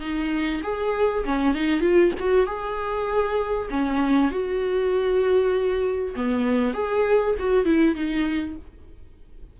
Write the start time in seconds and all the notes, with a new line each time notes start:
0.00 D#4
0.63 G#4
1.24 C#4
1.54 D#4
1.81 F4
2.20 F#4
2.46 G#4
3.70 C#4
4.31 F#4
6.15 B3
6.74 G#4
7.39 F#4
7.65 E4
7.95 D#4